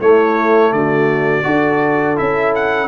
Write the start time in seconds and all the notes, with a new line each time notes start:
0.00 A3 E4 C#5
0.72 D3 F#4 D5
1.44 D4 F#4 A4
2.16 C#4 E4 E5
2.55 F#5